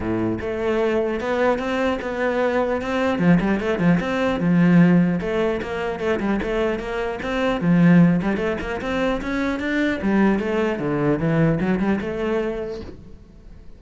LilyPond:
\new Staff \with { instrumentName = "cello" } { \time 4/4 \tempo 4 = 150 a,4 a2 b4 | c'4 b2 c'4 | f8 g8 a8 f8 c'4 f4~ | f4 a4 ais4 a8 g8 |
a4 ais4 c'4 f4~ | f8 g8 a8 ais8 c'4 cis'4 | d'4 g4 a4 d4 | e4 fis8 g8 a2 | }